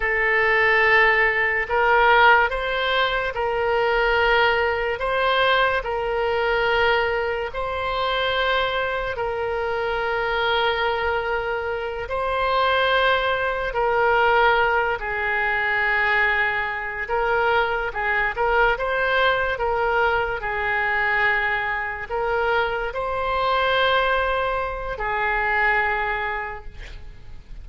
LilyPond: \new Staff \with { instrumentName = "oboe" } { \time 4/4 \tempo 4 = 72 a'2 ais'4 c''4 | ais'2 c''4 ais'4~ | ais'4 c''2 ais'4~ | ais'2~ ais'8 c''4.~ |
c''8 ais'4. gis'2~ | gis'8 ais'4 gis'8 ais'8 c''4 ais'8~ | ais'8 gis'2 ais'4 c''8~ | c''2 gis'2 | }